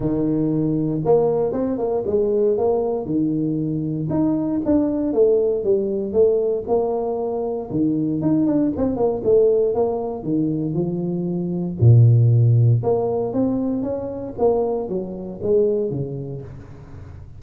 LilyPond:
\new Staff \with { instrumentName = "tuba" } { \time 4/4 \tempo 4 = 117 dis2 ais4 c'8 ais8 | gis4 ais4 dis2 | dis'4 d'4 a4 g4 | a4 ais2 dis4 |
dis'8 d'8 c'8 ais8 a4 ais4 | dis4 f2 ais,4~ | ais,4 ais4 c'4 cis'4 | ais4 fis4 gis4 cis4 | }